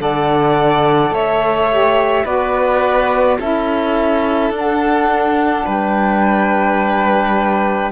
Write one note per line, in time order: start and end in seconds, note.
0.00 1.12 D3
0.00 1.71 A4
0.00 1.14 D5
0.00 1.14 F#5
1.12 2.25 A3
1.12 2.25 C#5
1.12 2.26 E5
1.71 2.25 G4
2.25 3.38 B3
2.25 3.38 F#4
2.25 3.38 B4
2.25 3.39 D5
3.40 4.51 C#4
3.40 4.52 E4
3.40 5.66 A4
3.40 4.53 E5
4.51 5.64 D4
4.51 7.92 D4
4.58 5.68 F#5
5.66 7.92 G3
5.66 7.92 B4
5.66 7.92 G5